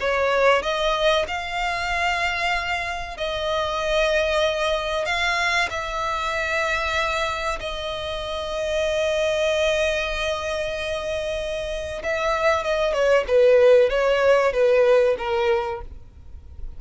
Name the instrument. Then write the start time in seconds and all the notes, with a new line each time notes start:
violin
0.00 C#5
0.62 D#5
1.27 F5
3.17 D#5
5.06 F5
5.70 E5
7.60 D#5
12.03 E5
12.64 D#5
12.93 C#5
13.27 B4
13.89 C#5
14.53 B4
15.18 A#4